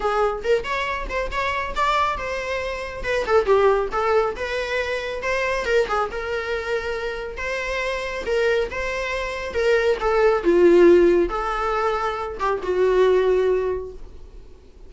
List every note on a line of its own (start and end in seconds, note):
0.00 0.42 G#4
0.43 0.63 A#4
0.63 1.07 C#5
1.09 1.30 C5
1.31 1.74 C#5
1.75 2.17 D5
2.17 3.03 C5
3.03 3.25 B4
3.26 3.45 A4
3.45 3.89 G4
3.92 4.35 A4
4.35 5.22 B4
5.22 5.65 C5
5.65 5.87 A#4
5.87 6.09 G#4
6.11 7.37 A#4
7.37 8.24 C5
8.25 8.69 A#4
8.71 9.53 C5
9.53 9.97 A#4
9.99 10.43 A4
10.43 11.29 F4
11.29 12.38 A4
12.39 12.61 G4
12.62 13.92 F#4